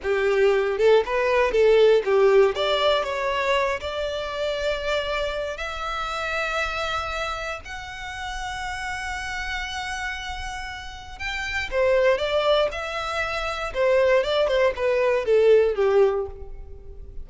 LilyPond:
\new Staff \with { instrumentName = "violin" } { \time 4/4 \tempo 4 = 118 g'4. a'8 b'4 a'4 | g'4 d''4 cis''4. d''8~ | d''2. e''4~ | e''2. fis''4~ |
fis''1~ | fis''2 g''4 c''4 | d''4 e''2 c''4 | d''8 c''8 b'4 a'4 g'4 | }